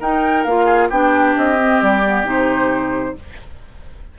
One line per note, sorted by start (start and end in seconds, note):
0.00 0.45 D#4
0.00 0.48 D#4
0.00 0.66 A#4
0.00 0.44 G5
0.44 0.90 A#3
0.44 0.92 F4
0.44 0.89 F5
0.66 0.88 G#4
0.89 1.36 B3
0.89 1.58 D4
0.89 3.15 G4
0.89 1.35 G5
1.37 1.82 C4
1.37 1.82 D#5
1.58 2.03 C4
1.82 2.24 G3
1.82 2.27 D5
2.05 2.25 B3
2.24 3.14 C3
2.24 3.15 D#4
2.24 3.19 C5